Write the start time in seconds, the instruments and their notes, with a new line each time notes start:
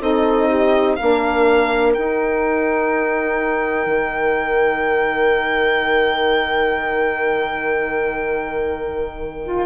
0.00 bassoon C4, saxophone D#4, horn A4, violin D#5
0.49 horn G4
0.96 bassoon A#3, saxophone D4, horn A#4, violin F5
1.94 saxophone D#4, bassoon D#4, violin G5
3.86 bassoon D#3
9.43 saxophone F4